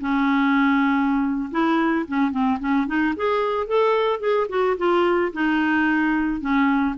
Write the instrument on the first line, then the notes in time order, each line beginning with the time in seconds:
clarinet
0.00 C#4
1.51 E4
2.08 C#4
2.31 C4
2.60 C#4
2.87 D#4
3.16 G#4
3.67 A4
4.20 G#4
4.49 F#4
4.78 F4
5.33 D#4
6.41 C#4